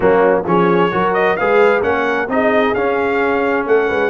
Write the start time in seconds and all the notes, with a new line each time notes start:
0.00 F#3 A#3 C#4 F#4
0.46 F3 C#4 G#4 C#5
0.91 F#3 F#4 A#4
1.13 D#5
1.36 G#3 G#4 B4 F5
1.82 A#3 C#4 A#4 F#5
2.28 C4 D#4 G#4 D#5
2.74 C#4 F5
3.66 A3 A4 F#5
3.87 G#3 B4